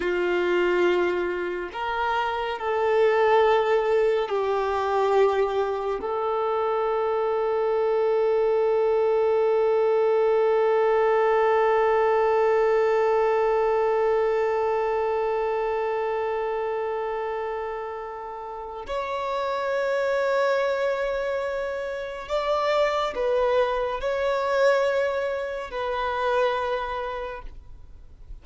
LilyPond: \new Staff \with { instrumentName = "violin" } { \time 4/4 \tempo 4 = 70 f'2 ais'4 a'4~ | a'4 g'2 a'4~ | a'1~ | a'1~ |
a'1~ | a'2 cis''2~ | cis''2 d''4 b'4 | cis''2 b'2 | }